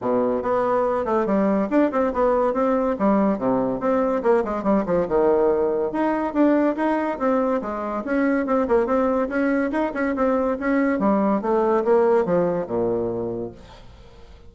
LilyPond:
\new Staff \with { instrumentName = "bassoon" } { \time 4/4 \tempo 4 = 142 b,4 b4. a8 g4 | d'8 c'8 b4 c'4 g4 | c4 c'4 ais8 gis8 g8 f8 | dis2 dis'4 d'4 |
dis'4 c'4 gis4 cis'4 | c'8 ais8 c'4 cis'4 dis'8 cis'8 | c'4 cis'4 g4 a4 | ais4 f4 ais,2 | }